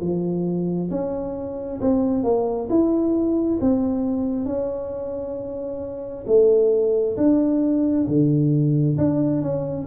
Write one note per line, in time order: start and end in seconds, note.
0.00 0.90 F3
0.90 1.80 C#4
1.80 2.23 C4
2.23 2.68 A#3
2.69 3.59 E4
3.61 4.45 C4
4.45 6.24 C#4
6.26 7.16 A3
7.16 8.06 D4
8.07 8.97 D3
8.97 9.42 D4
9.42 9.86 C#4